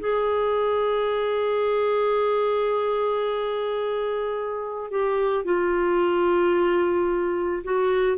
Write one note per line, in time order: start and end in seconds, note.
0.00 4.91 G#4
4.91 5.45 G4
5.45 7.63 F4
7.64 8.18 F#4